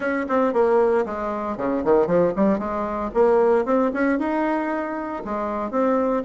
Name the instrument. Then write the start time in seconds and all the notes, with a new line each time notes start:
bassoon
0.00 C#4
0.28 C4
0.53 A#3
1.05 G#3
1.57 C#3
1.84 D#3
2.06 F3
2.35 G3
2.58 G#3
3.14 A#3
3.65 C4
3.93 C#4
4.18 D#4
5.24 G#3
5.71 C4